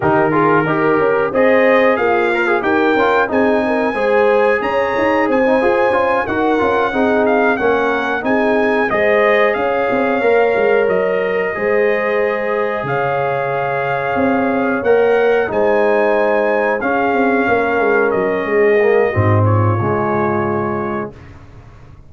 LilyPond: <<
  \new Staff \with { instrumentName = "trumpet" } { \time 4/4 \tempo 4 = 91 ais'2 dis''4 f''4 | g''4 gis''2 ais''4 | gis''4. fis''4. f''8 fis''8~ | fis''8 gis''4 dis''4 f''4.~ |
f''8 dis''2. f''8~ | f''2~ f''8 fis''4 gis''8~ | gis''4. f''2 dis''8~ | dis''4. cis''2~ cis''8 | }
  \new Staff \with { instrumentName = "horn" } { \time 4/4 g'8 gis'8 ais'4 c''4 f'4 | ais'4 gis'8 ais'8 c''4 cis''4 | c''4. ais'4 gis'4 ais'8~ | ais'8 gis'4 c''4 cis''4.~ |
cis''4. c''2 cis''8~ | cis''2.~ cis''8 c''8~ | c''4. gis'4 ais'4. | gis'4 fis'8 f'2~ f'8 | }
  \new Staff \with { instrumentName = "trombone" } { \time 4/4 dis'8 f'8 g'4 gis'4. ais'16 gis'16 | g'8 f'8 dis'4 gis'2~ | gis'16 dis'16 gis'8 f'8 fis'8 f'8 dis'4 cis'8~ | cis'8 dis'4 gis'2 ais'8~ |
ais'4. gis'2~ gis'8~ | gis'2~ gis'8 ais'4 dis'8~ | dis'4. cis'2~ cis'8~ | cis'8 ais8 c'4 gis2 | }
  \new Staff \with { instrumentName = "tuba" } { \time 4/4 dis4 dis'8 cis'8 c'4 ais4 | dis'8 cis'8 c'4 gis4 cis'8 dis'8 | c'8 f'8 cis'8 dis'8 cis'8 c'4 ais8~ | ais8 c'4 gis4 cis'8 c'8 ais8 |
gis8 fis4 gis2 cis8~ | cis4. c'4 ais4 gis8~ | gis4. cis'8 c'8 ais8 gis8 fis8 | gis4 gis,4 cis2 | }
>>